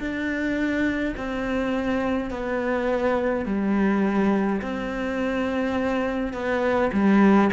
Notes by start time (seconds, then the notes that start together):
0.00 D4
1.17 C4
2.31 B3
3.46 G3
4.62 C4
6.34 B3
6.93 G3